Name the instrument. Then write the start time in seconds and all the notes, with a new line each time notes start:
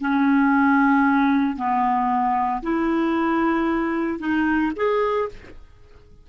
clarinet
0.00 C#4
1.57 B3
2.62 E4
4.19 D#4
4.76 G#4